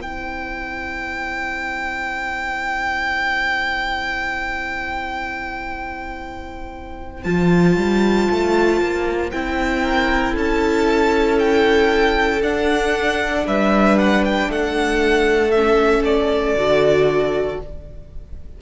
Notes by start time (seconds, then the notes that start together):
0.00 C4 E4 C5 G5
7.23 F3 F4 A5
7.76 G3
8.31 A3
8.81 A#3
9.31 C4 E4 G5
9.82 A#4
10.33 C#4 A4 A5
11.38 G5
12.41 D4 F#5
13.46 G3 B4 E5
13.98 F#5
14.25 G5
14.48 A3 A4 F#5
15.51 C#4 E5
16.04 D5
16.54 D3 F#4